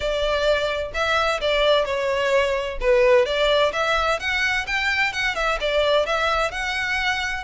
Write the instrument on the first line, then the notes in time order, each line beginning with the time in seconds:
violin
0.00 D5
0.93 E5
1.40 D5
1.85 C#5
2.80 B4
3.25 D5
3.73 E5
4.19 F#5
4.66 G5
5.12 F#5
5.35 E5
5.60 D5
6.06 E5
6.51 F#5